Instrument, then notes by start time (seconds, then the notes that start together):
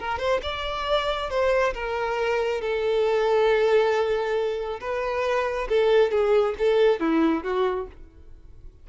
violin
0.00 A#4
0.19 C5
0.43 D5
1.30 C5
1.74 A#4
2.62 A4
4.81 B4
5.69 A4
6.11 G#4
6.59 A4
7.01 E4
7.44 F#4